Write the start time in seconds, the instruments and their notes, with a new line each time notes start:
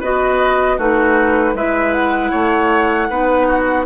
0.00 bassoon B3, clarinet F#4, oboe B4, flute D#5
0.77 bassoon A3, clarinet D#4, oboe F#4, flute B4
1.54 bassoon G#3, clarinet E4, oboe B4, flute E5
1.94 flute F#5
2.31 bassoon A3, oboe C#5
3.09 bassoon B3, clarinet D#4, oboe B4
3.47 oboe F#4